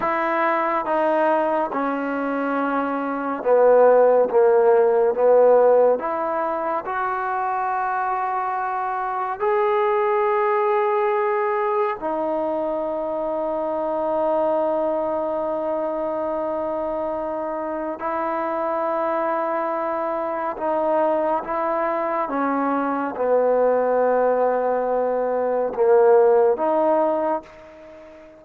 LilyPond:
\new Staff \with { instrumentName = "trombone" } { \time 4/4 \tempo 4 = 70 e'4 dis'4 cis'2 | b4 ais4 b4 e'4 | fis'2. gis'4~ | gis'2 dis'2~ |
dis'1~ | dis'4 e'2. | dis'4 e'4 cis'4 b4~ | b2 ais4 dis'4 | }